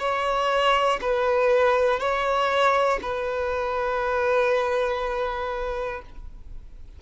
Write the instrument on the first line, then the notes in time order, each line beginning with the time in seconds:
violin
0.00 C#5
1.02 B4
2.00 C#5
3.02 B4